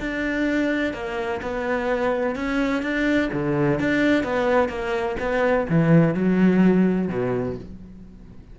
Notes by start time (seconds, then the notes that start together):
0.00 D4
0.93 A#3
1.42 B3
2.36 C#4
2.82 D4
3.33 D3
3.79 D4
4.23 B3
4.69 A#3
5.20 B3
5.69 E3
6.14 F#3
7.08 B2